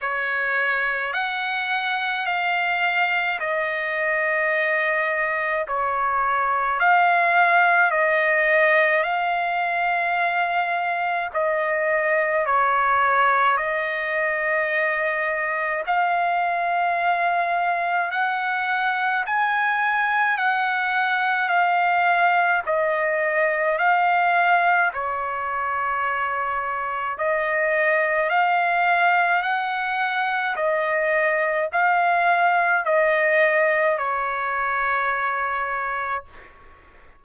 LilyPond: \new Staff \with { instrumentName = "trumpet" } { \time 4/4 \tempo 4 = 53 cis''4 fis''4 f''4 dis''4~ | dis''4 cis''4 f''4 dis''4 | f''2 dis''4 cis''4 | dis''2 f''2 |
fis''4 gis''4 fis''4 f''4 | dis''4 f''4 cis''2 | dis''4 f''4 fis''4 dis''4 | f''4 dis''4 cis''2 | }